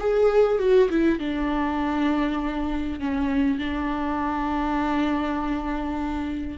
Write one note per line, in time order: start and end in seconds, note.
0.00 0.59 G#4
0.59 0.89 F#4
0.90 1.20 E4
1.20 3.00 D4
3.00 3.59 C#4
3.59 6.58 D4